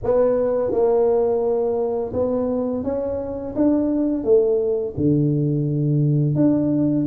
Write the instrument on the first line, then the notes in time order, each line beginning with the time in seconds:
tuba
0.03 B3
0.71 A#3
2.13 B3
2.83 C#4
3.55 D4
4.24 A3
4.96 D3
6.35 D4